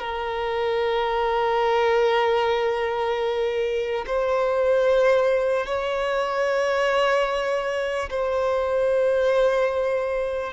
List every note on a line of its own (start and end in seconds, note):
0.00 4.05 A#4
4.07 5.66 C5
5.66 8.10 C#5
8.10 10.54 C5